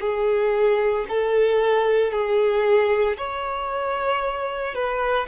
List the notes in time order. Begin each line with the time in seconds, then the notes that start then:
0.00 G#4
1.09 A4
2.12 G#4
3.17 C#5
4.75 B4